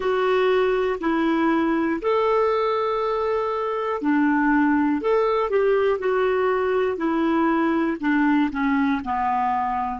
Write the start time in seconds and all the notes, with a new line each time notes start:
0.00 F#4
1.00 E4
2.01 A4
4.01 D4
5.00 A4
5.50 G4
5.99 F#4
6.97 E4
8.00 D4
8.51 C#4
9.04 B3